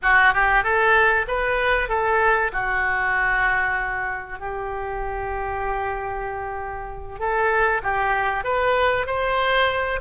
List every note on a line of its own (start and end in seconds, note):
0.02 0.33 F#4
0.33 0.63 G4
0.63 1.26 A4
1.27 1.89 B4
1.89 2.51 A4
2.52 4.39 F#4
4.39 7.19 G4
7.19 7.81 A4
7.83 8.43 G4
8.43 9.06 B4
9.06 10.00 C5